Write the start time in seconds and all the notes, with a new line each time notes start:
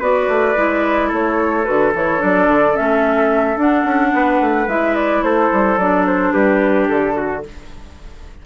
0.00 B3 F#4 B4 D5
0.28 A3
0.56 G#3 E4
1.08 A3 A4 C#5
1.65 D3 F#4 B4
1.94 E3 E4 C#5
2.18 F#3 D4 D5
2.48 D3
2.74 A3 C#4 E5
3.57 D4 F#5
3.85 C#4
4.14 B3 B4
4.41 A3
4.68 G#3 E4 E5
4.96 D5
5.23 A3 A4 C5
5.53 G3
5.77 F#3 D4 D5
6.07 C5
6.32 G3 G4 B4
6.88 D3 A4
7.17 F#4